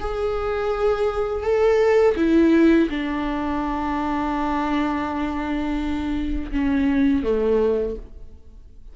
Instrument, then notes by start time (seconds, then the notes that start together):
viola
0.00 G#4
1.43 A4
2.17 E4
2.90 D4
6.52 C#4
7.24 A3